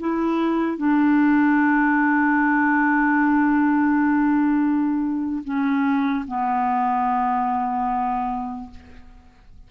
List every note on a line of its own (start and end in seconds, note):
0.00 0.77 E4
0.77 5.44 D4
5.44 6.25 C#4
6.27 8.71 B3